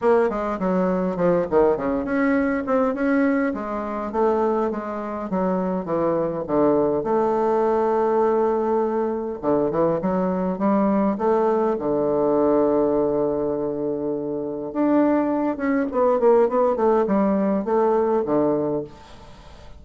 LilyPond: \new Staff \with { instrumentName = "bassoon" } { \time 4/4 \tempo 4 = 102 ais8 gis8 fis4 f8 dis8 cis8 cis'8~ | cis'8 c'8 cis'4 gis4 a4 | gis4 fis4 e4 d4 | a1 |
d8 e8 fis4 g4 a4 | d1~ | d4 d'4. cis'8 b8 ais8 | b8 a8 g4 a4 d4 | }